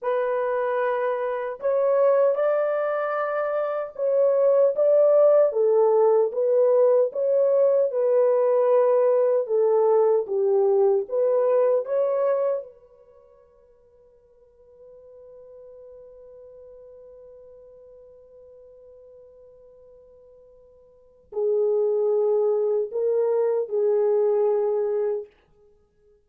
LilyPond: \new Staff \with { instrumentName = "horn" } { \time 4/4 \tempo 4 = 76 b'2 cis''4 d''4~ | d''4 cis''4 d''4 a'4 | b'4 cis''4 b'2 | a'4 g'4 b'4 cis''4 |
b'1~ | b'1~ | b'2. gis'4~ | gis'4 ais'4 gis'2 | }